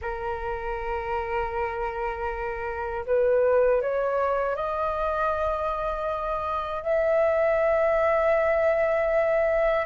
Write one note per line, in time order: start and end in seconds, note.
0.01 3.05 A#4
3.06 3.81 B4
3.81 4.55 C#5
4.55 6.82 D#5
6.82 9.85 E5